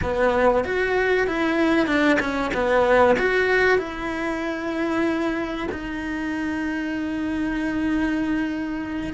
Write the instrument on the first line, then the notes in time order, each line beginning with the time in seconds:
cello
0.02 B3
0.64 F#4
1.27 E4
1.86 D4
2.19 C#4
2.53 B3
3.18 F#4
3.78 E4
5.71 D#4